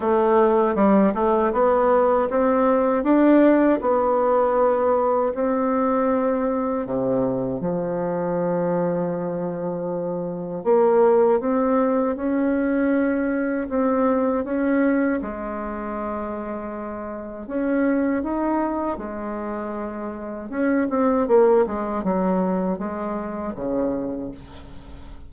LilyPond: \new Staff \with { instrumentName = "bassoon" } { \time 4/4 \tempo 4 = 79 a4 g8 a8 b4 c'4 | d'4 b2 c'4~ | c'4 c4 f2~ | f2 ais4 c'4 |
cis'2 c'4 cis'4 | gis2. cis'4 | dis'4 gis2 cis'8 c'8 | ais8 gis8 fis4 gis4 cis4 | }